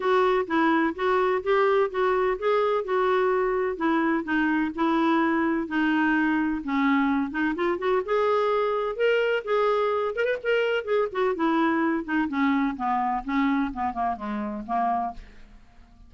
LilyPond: \new Staff \with { instrumentName = "clarinet" } { \time 4/4 \tempo 4 = 127 fis'4 e'4 fis'4 g'4 | fis'4 gis'4 fis'2 | e'4 dis'4 e'2 | dis'2 cis'4. dis'8 |
f'8 fis'8 gis'2 ais'4 | gis'4. ais'16 b'16 ais'4 gis'8 fis'8 | e'4. dis'8 cis'4 b4 | cis'4 b8 ais8 gis4 ais4 | }